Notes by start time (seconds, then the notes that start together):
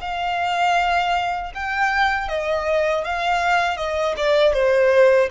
0.00 F5
1.54 G5
2.28 D#5
3.04 F5
3.77 D#5
4.16 D5
4.53 C5